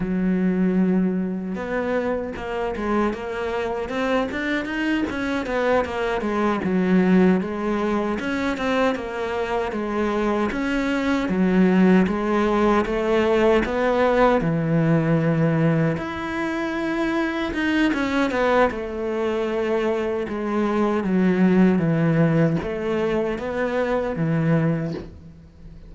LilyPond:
\new Staff \with { instrumentName = "cello" } { \time 4/4 \tempo 4 = 77 fis2 b4 ais8 gis8 | ais4 c'8 d'8 dis'8 cis'8 b8 ais8 | gis8 fis4 gis4 cis'8 c'8 ais8~ | ais8 gis4 cis'4 fis4 gis8~ |
gis8 a4 b4 e4.~ | e8 e'2 dis'8 cis'8 b8 | a2 gis4 fis4 | e4 a4 b4 e4 | }